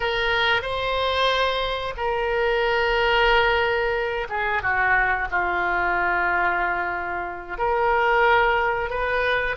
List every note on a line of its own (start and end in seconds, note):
0.00 0.62 A#4
0.62 1.94 C5
1.96 4.27 A#4
4.29 4.62 G#4
4.62 5.28 F#4
5.30 7.58 F4
7.58 8.90 A#4
8.90 9.56 B4